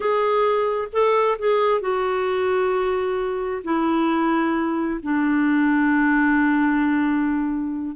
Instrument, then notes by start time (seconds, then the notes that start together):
clarinet
0.00 G#4
0.92 A4
1.38 G#4
1.80 F#4
3.63 E4
5.02 D4